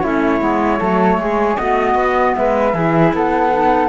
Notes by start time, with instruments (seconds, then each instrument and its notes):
0.00 cello A3, clarinet C#4, flute E4 C#5
0.39 cello G#3, clarinet B3
0.79 cello F#3, clarinet A3, flute A4
1.17 cello G#3, flute G#4
1.56 cello A3, clarinet B3, flute F#4 D#5
1.94 cello B3
2.35 cello G#3, flute B4 E5
2.73 cello E3, clarinet E4, flute G#4
3.13 cello B3, flute A4 F#5
3.51 clarinet D#4